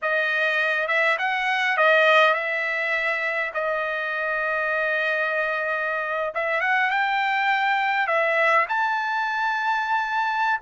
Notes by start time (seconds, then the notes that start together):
0.02 D#5
0.87 E5
1.18 F#5
1.77 D#5
2.34 E5
3.54 D#5
6.34 E5
6.60 F#5
6.90 G5
8.07 E5
8.68 A5